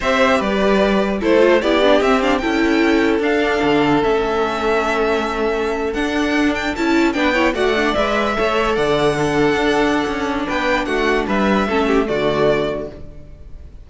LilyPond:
<<
  \new Staff \with { instrumentName = "violin" } { \time 4/4 \tempo 4 = 149 e''4 d''2 c''4 | d''4 e''8 f''8 g''2 | f''2 e''2~ | e''2~ e''8. fis''4~ fis''16~ |
fis''16 g''8 a''4 g''4 fis''4 e''16~ | e''4.~ e''16 fis''2~ fis''16~ | fis''2 g''4 fis''4 | e''2 d''2 | }
  \new Staff \with { instrumentName = "violin" } { \time 4/4 c''4 b'2 a'4 | g'2 a'2~ | a'1~ | a'1~ |
a'4.~ a'16 b'8 cis''8 d''4~ d''16~ | d''8. cis''4 d''4 a'4~ a'16~ | a'2 b'4 fis'4 | b'4 a'8 g'8 fis'2 | }
  \new Staff \with { instrumentName = "viola" } { \time 4/4 g'2. e'8 f'8 | e'8 d'8 c'8 d'8 e'2 | d'2 cis'2~ | cis'2~ cis'8. d'4~ d'16~ |
d'8. e'4 d'8 e'8 fis'8 d'8 b'16~ | b'8. a'2 d'4~ d'16~ | d'1~ | d'4 cis'4 a2 | }
  \new Staff \with { instrumentName = "cello" } { \time 4/4 c'4 g2 a4 | b4 c'4 cis'2 | d'4 d4 a2~ | a2~ a8. d'4~ d'16~ |
d'8. cis'4 b4 a4 gis16~ | gis8. a4 d2 d'16~ | d'4 cis'4 b4 a4 | g4 a4 d2 | }
>>